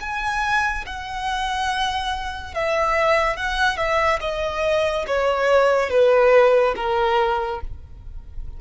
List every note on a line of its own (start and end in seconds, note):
0.00 0.85 G#5
0.86 2.54 F#5
2.54 3.36 E5
3.36 3.77 F#5
3.77 4.19 E5
4.21 5.05 D#5
5.07 5.90 C#5
5.90 6.74 B4
6.76 7.60 A#4